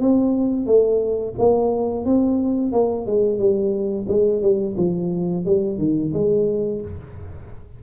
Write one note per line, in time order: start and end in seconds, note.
0.00 0.66 C4
0.66 1.34 A3
1.38 2.05 A#3
2.05 2.72 C4
2.72 3.06 A#3
3.06 3.39 G#3
3.39 4.07 G3
4.08 4.42 G#3
4.42 4.76 G3
4.77 5.45 F3
5.45 5.78 G3
5.78 6.12 D#3
6.13 6.82 G#3